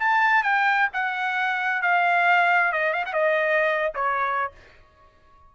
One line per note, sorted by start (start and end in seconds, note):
0.00 0.43 A5
0.43 0.89 G5
0.93 1.82 F#5
1.82 2.73 F5
2.73 2.93 D#5
2.93 3.05 F5
3.06 3.14 F#5
3.14 3.93 D#5
3.95 4.52 C#5